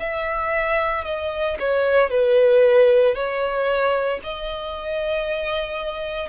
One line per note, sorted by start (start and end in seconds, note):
0.00 1.05 E5
1.05 1.58 D#5
1.60 2.10 C#5
2.10 3.15 B4
3.15 4.21 C#5
4.24 6.29 D#5